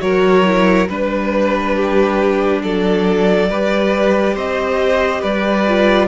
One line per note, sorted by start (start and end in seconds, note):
0.00 0.88 F#3
0.00 0.43 F#4
0.00 0.89 A#4
0.00 0.88 C#5
0.45 0.88 E4
0.88 2.63 G3
0.88 3.50 D4
0.88 2.62 B4
0.88 1.76 B4
1.76 2.62 G4
2.62 3.50 F#3
2.62 3.49 A4
2.62 4.36 D5
3.49 4.36 G3
3.49 5.67 G4
3.49 4.34 B4
4.34 5.22 C4
4.34 5.20 C5
4.34 5.23 D#5
5.20 6.08 G3
5.20 6.07 B4
5.20 6.08 D5
5.67 6.08 F4